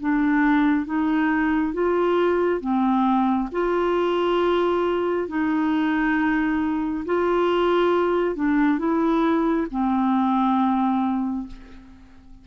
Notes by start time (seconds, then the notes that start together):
0.00 D4
0.85 D#4
1.73 F4
2.60 C4
3.51 F4
5.28 D#4
7.05 F4
8.35 D4
8.78 E4
9.70 C4